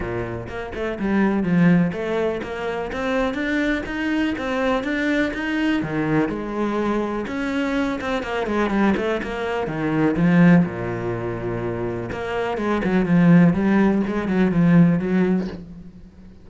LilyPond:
\new Staff \with { instrumentName = "cello" } { \time 4/4 \tempo 4 = 124 ais,4 ais8 a8 g4 f4 | a4 ais4 c'4 d'4 | dis'4 c'4 d'4 dis'4 | dis4 gis2 cis'4~ |
cis'8 c'8 ais8 gis8 g8 a8 ais4 | dis4 f4 ais,2~ | ais,4 ais4 gis8 fis8 f4 | g4 gis8 fis8 f4 fis4 | }